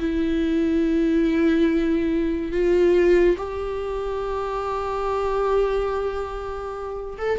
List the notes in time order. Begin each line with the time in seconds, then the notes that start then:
0.00 E4
2.52 F4
3.38 G4
7.18 A4